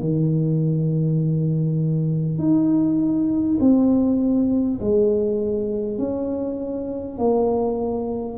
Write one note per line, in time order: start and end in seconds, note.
0.00 2.38 D#3
2.38 3.58 D#4
3.60 4.80 C4
4.81 5.98 G#3
5.98 7.18 C#4
7.18 8.38 A#3